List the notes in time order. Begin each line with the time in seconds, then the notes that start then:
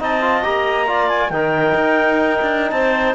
0.00 C4 D#4 D#5 A5
0.21 F4
0.43 A#3 G4 A#5
0.87 F4 D5
1.09 G#5
1.30 D#3 D#4 A#4 G5
1.75 D#4
2.42 D4
2.71 C4 C5 A5